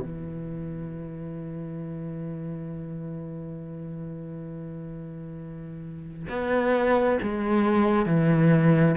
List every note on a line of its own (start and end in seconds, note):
0.00 6.27 E3
6.29 7.19 B3
7.23 8.06 G#3
8.06 8.96 E3